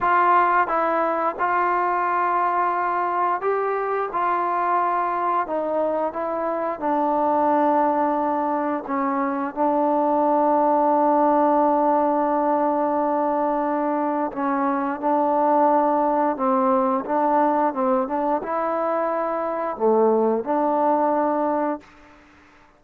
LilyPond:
\new Staff \with { instrumentName = "trombone" } { \time 4/4 \tempo 4 = 88 f'4 e'4 f'2~ | f'4 g'4 f'2 | dis'4 e'4 d'2~ | d'4 cis'4 d'2~ |
d'1~ | d'4 cis'4 d'2 | c'4 d'4 c'8 d'8 e'4~ | e'4 a4 d'2 | }